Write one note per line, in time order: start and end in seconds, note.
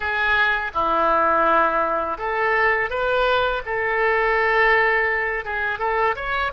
0.00 0.71 G#4
0.74 2.18 E4
2.18 2.89 A4
2.89 3.62 B4
3.65 5.44 A4
5.44 5.78 G#4
5.78 6.14 A4
6.15 6.52 C#5